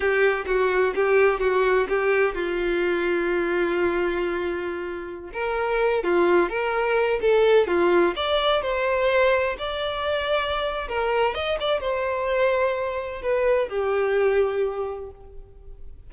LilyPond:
\new Staff \with { instrumentName = "violin" } { \time 4/4 \tempo 4 = 127 g'4 fis'4 g'4 fis'4 | g'4 f'2.~ | f'2.~ f'16 ais'8.~ | ais'8. f'4 ais'4. a'8.~ |
a'16 f'4 d''4 c''4.~ c''16~ | c''16 d''2~ d''8. ais'4 | dis''8 d''8 c''2. | b'4 g'2. | }